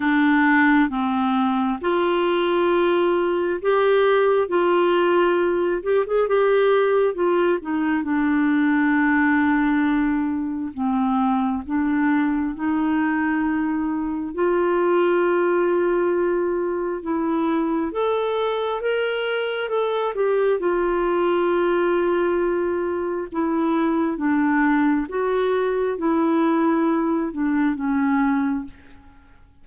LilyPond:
\new Staff \with { instrumentName = "clarinet" } { \time 4/4 \tempo 4 = 67 d'4 c'4 f'2 | g'4 f'4. g'16 gis'16 g'4 | f'8 dis'8 d'2. | c'4 d'4 dis'2 |
f'2. e'4 | a'4 ais'4 a'8 g'8 f'4~ | f'2 e'4 d'4 | fis'4 e'4. d'8 cis'4 | }